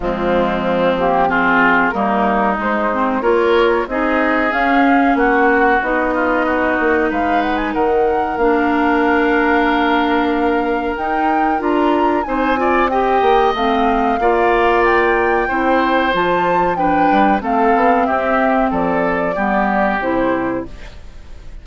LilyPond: <<
  \new Staff \with { instrumentName = "flute" } { \time 4/4 \tempo 4 = 93 f'4. g'8 gis'4 ais'4 | c''4 cis''4 dis''4 f''4 | fis''4 dis''2 f''8 fis''16 gis''16 | fis''4 f''2.~ |
f''4 g''4 ais''4 gis''4 | g''4 f''2 g''4~ | g''4 a''4 g''4 f''4 | e''4 d''2 c''4 | }
  \new Staff \with { instrumentName = "oboe" } { \time 4/4 c'2 f'4 dis'4~ | dis'4 ais'4 gis'2 | fis'4. f'8 fis'4 b'4 | ais'1~ |
ais'2. c''8 d''8 | dis''2 d''2 | c''2 b'4 a'4 | g'4 a'4 g'2 | }
  \new Staff \with { instrumentName = "clarinet" } { \time 4/4 gis4. ais8 c'4 ais4 | gis8 c'8 f'4 dis'4 cis'4~ | cis'4 dis'2.~ | dis'4 d'2.~ |
d'4 dis'4 f'4 dis'8 f'8 | g'4 c'4 f'2 | e'4 f'4 d'4 c'4~ | c'2 b4 e'4 | }
  \new Staff \with { instrumentName = "bassoon" } { \time 4/4 f2. g4 | gis4 ais4 c'4 cis'4 | ais4 b4. ais8 gis4 | dis4 ais2.~ |
ais4 dis'4 d'4 c'4~ | c'8 ais8 a4 ais2 | c'4 f4. g8 a8 b8 | c'4 f4 g4 c4 | }
>>